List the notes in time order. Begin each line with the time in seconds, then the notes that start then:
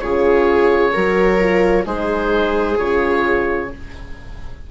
0.00 C#3 F4 G#4 C#5
0.93 F#3 F#4 A#4
1.39 F4
1.85 G#3 D#4 G#4 C5
2.78 C#3 F4 C#5